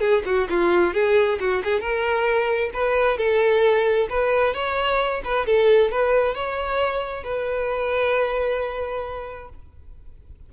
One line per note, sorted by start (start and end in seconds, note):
0.00 0.23 G#4
0.25 0.48 F#4
0.49 0.93 F4
0.93 1.38 G#4
1.40 1.62 F#4
1.64 1.80 G#4
1.80 2.70 A#4
2.73 3.18 B4
3.18 4.08 A4
4.09 4.54 B4
4.54 5.21 C#5
5.24 5.46 B4
5.46 5.91 A4
5.91 6.35 B4
6.35 7.23 C#5
7.23 9.49 B4